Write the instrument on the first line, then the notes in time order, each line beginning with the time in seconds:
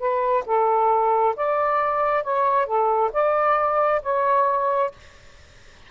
saxophone
0.00 B4
0.47 A4
1.36 D5
2.24 C#5
2.67 A4
3.13 D5
4.03 C#5